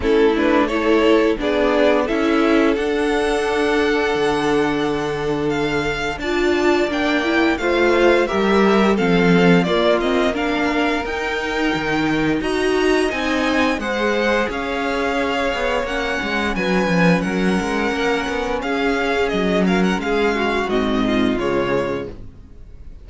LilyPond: <<
  \new Staff \with { instrumentName = "violin" } { \time 4/4 \tempo 4 = 87 a'8 b'8 cis''4 d''4 e''4 | fis''1 | f''4 a''4 g''4 f''4 | e''4 f''4 d''8 dis''8 f''4 |
g''2 ais''4 gis''4 | fis''4 f''2 fis''4 | gis''4 fis''2 f''4 | dis''8 f''16 fis''16 f''4 dis''4 cis''4 | }
  \new Staff \with { instrumentName = "violin" } { \time 4/4 e'4 a'4 gis'4 a'4~ | a'1~ | a'4 d''2 c''4 | ais'4 a'4 f'4 ais'4~ |
ais'2 dis''2 | c''4 cis''2. | b'4 ais'2 gis'4~ | gis'8 ais'8 gis'8 fis'4 f'4. | }
  \new Staff \with { instrumentName = "viola" } { \time 4/4 cis'8 d'8 e'4 d'4 e'4 | d'1~ | d'4 f'4 d'8 e'8 f'4 | g'4 c'4 ais8 c'8 d'4 |
dis'2 fis'4 dis'4 | gis'2. cis'4~ | cis'1~ | cis'2 c'4 gis4 | }
  \new Staff \with { instrumentName = "cello" } { \time 4/4 a2 b4 cis'4 | d'2 d2~ | d4 d'4 ais4 a4 | g4 f4 ais2 |
dis'4 dis4 dis'4 c'4 | gis4 cis'4. b8 ais8 gis8 | fis8 f8 fis8 gis8 ais8 b8 cis'4 | fis4 gis4 gis,4 cis4 | }
>>